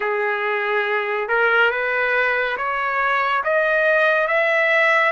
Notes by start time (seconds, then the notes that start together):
0.00 G#4
1.28 A#4
1.71 B4
2.57 C#5
3.44 D#5
4.27 E5